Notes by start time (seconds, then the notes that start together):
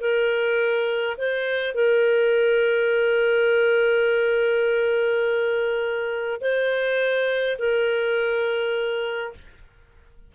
0.00 A#4
1.17 C5
1.74 A#4
6.41 C5
7.58 A#4